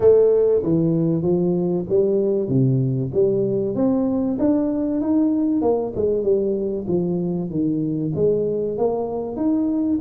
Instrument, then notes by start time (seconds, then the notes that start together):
tuba
0.00 A3
0.62 E3
1.22 F3
1.89 G3
2.48 C3
3.13 G3
3.75 C4
4.38 D4
5.00 D#4
5.61 A#3
5.95 G#3
6.23 G3
6.87 F3
7.50 D#3
8.15 G#3
8.77 A#3
9.36 D#4